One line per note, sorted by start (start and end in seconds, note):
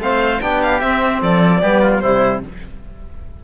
0.00 0.40 A3
0.00 0.41 C4
0.00 0.43 C5
0.00 0.41 F5
0.41 0.83 B3
0.41 0.82 D4
0.41 1.23 G4
0.41 0.62 G5
0.63 0.81 F5
0.81 1.63 C4
0.81 1.22 C4
0.81 1.21 E5
1.22 1.62 F3
1.22 1.62 A4
1.22 2.01 D5
1.62 2.04 G3
1.62 2.02 B3
1.62 1.82 G4
1.82 2.02 F4
2.01 2.44 C3
2.01 2.42 G3
2.01 2.42 E4
2.01 2.41 C5